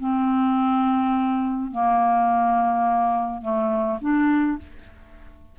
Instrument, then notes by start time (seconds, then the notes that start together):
clarinet
0.00 C4
1.72 A#3
3.42 A3
4.02 D4